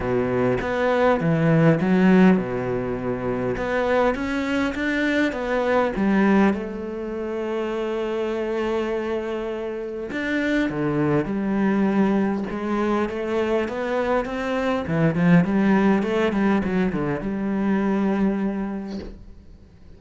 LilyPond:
\new Staff \with { instrumentName = "cello" } { \time 4/4 \tempo 4 = 101 b,4 b4 e4 fis4 | b,2 b4 cis'4 | d'4 b4 g4 a4~ | a1~ |
a4 d'4 d4 g4~ | g4 gis4 a4 b4 | c'4 e8 f8 g4 a8 g8 | fis8 d8 g2. | }